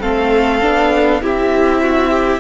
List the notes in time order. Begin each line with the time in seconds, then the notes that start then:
0.00 A3 C4 A4 F5
0.62 B3 D4
1.22 C4 E4 G4 E5
1.82 F#4
2.10 G4